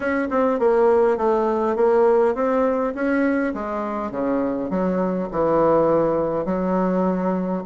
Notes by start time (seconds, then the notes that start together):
0.00 C#4
0.30 C4
0.59 A#3
1.17 A3
1.76 A#3
2.34 C4
2.94 C#4
3.54 G#3
4.11 C#3
4.70 F#3
5.31 E3
6.45 F#3